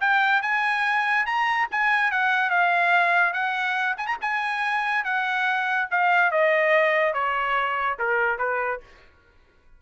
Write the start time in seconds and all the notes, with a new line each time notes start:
0.00 G5
0.42 G#5
1.25 A#5
1.71 G#5
2.11 F#5
2.49 F5
3.33 F#5
3.97 G#5
4.06 A#5
4.21 G#5
5.04 F#5
5.90 F5
6.31 D#5
7.13 C#5
7.99 A#4
8.38 B4